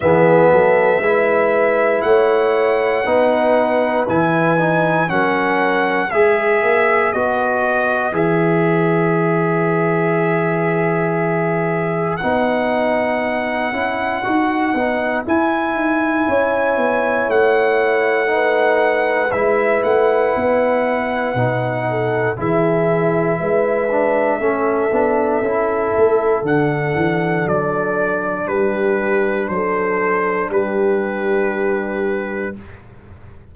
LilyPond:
<<
  \new Staff \with { instrumentName = "trumpet" } { \time 4/4 \tempo 4 = 59 e''2 fis''2 | gis''4 fis''4 e''4 dis''4 | e''1 | fis''2. gis''4~ |
gis''4 fis''2 e''8 fis''8~ | fis''2 e''2~ | e''2 fis''4 d''4 | b'4 c''4 b'2 | }
  \new Staff \with { instrumentName = "horn" } { \time 4/4 gis'8 a'8 b'4 cis''4 b'4~ | b'4 ais'4 b'2~ | b'1~ | b'1 |
cis''2 b'2~ | b'4. a'8 gis'4 b'4 | a'1 | g'4 a'4 g'2 | }
  \new Staff \with { instrumentName = "trombone" } { \time 4/4 b4 e'2 dis'4 | e'8 dis'8 cis'4 gis'4 fis'4 | gis'1 | dis'4. e'8 fis'8 dis'8 e'4~ |
e'2 dis'4 e'4~ | e'4 dis'4 e'4. d'8 | cis'8 d'8 e'4 d'2~ | d'1 | }
  \new Staff \with { instrumentName = "tuba" } { \time 4/4 e8 fis8 gis4 a4 b4 | e4 fis4 gis8 ais8 b4 | e1 | b4. cis'8 dis'8 b8 e'8 dis'8 |
cis'8 b8 a2 gis8 a8 | b4 b,4 e4 gis4 | a8 b8 cis'8 a8 d8 e8 fis4 | g4 fis4 g2 | }
>>